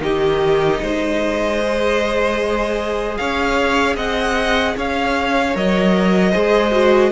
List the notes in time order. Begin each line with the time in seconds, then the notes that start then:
0.00 D#3 D#4 G4 D#5
0.82 G#3 C5
1.61 G#4
3.17 C#4 C#5 F5
3.95 C4 D#5 F#5
4.76 C#4 C#5 F5
5.54 F#3 A#4 D#5
6.31 G#3 G#4 C5
6.72 F#4